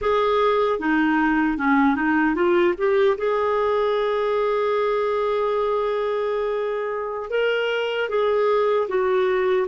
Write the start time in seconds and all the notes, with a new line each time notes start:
0.01 G#4
0.79 D#4
1.57 C#4
1.95 D#4
2.35 F4
2.77 G4
3.17 G#4
7.30 A#4
8.09 G#4
8.88 F#4